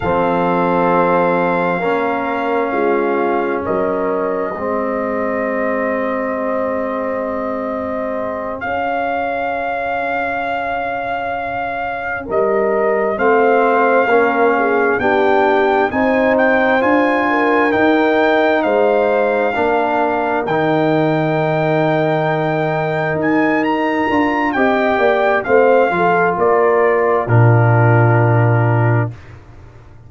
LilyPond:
<<
  \new Staff \with { instrumentName = "trumpet" } { \time 4/4 \tempo 4 = 66 f''1 | dis''1~ | dis''4. f''2~ f''8~ | f''4. dis''4 f''4.~ |
f''8 g''4 gis''8 g''8 gis''4 g''8~ | g''8 f''2 g''4.~ | g''4. gis''8 ais''4 g''4 | f''4 d''4 ais'2 | }
  \new Staff \with { instrumentName = "horn" } { \time 4/4 a'2 ais'4 f'4 | ais'4 gis'2.~ | gis'1~ | gis'4. ais'4 c''4 ais'8 |
gis'8 g'4 c''4. ais'4~ | ais'8 c''4 ais'2~ ais'8~ | ais'2. dis''8 d''8 | c''8 a'8 ais'4 f'2 | }
  \new Staff \with { instrumentName = "trombone" } { \time 4/4 c'2 cis'2~ | cis'4 c'2.~ | c'4. cis'2~ cis'8~ | cis'2~ cis'8 c'4 cis'8~ |
cis'8 d'4 dis'4 f'4 dis'8~ | dis'4. d'4 dis'4.~ | dis'2~ dis'8 f'8 g'4 | c'8 f'4. d'2 | }
  \new Staff \with { instrumentName = "tuba" } { \time 4/4 f2 ais4 gis4 | fis4 gis2.~ | gis4. cis'2~ cis'8~ | cis'4. g4 a4 ais8~ |
ais8 b4 c'4 d'4 dis'8~ | dis'8 gis4 ais4 dis4.~ | dis4. dis'4 d'8 c'8 ais8 | a8 f8 ais4 ais,2 | }
>>